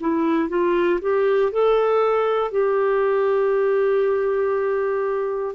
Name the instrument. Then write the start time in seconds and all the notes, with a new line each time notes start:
clarinet
0.00 E4
0.49 F4
1.01 G4
1.52 A4
2.51 G4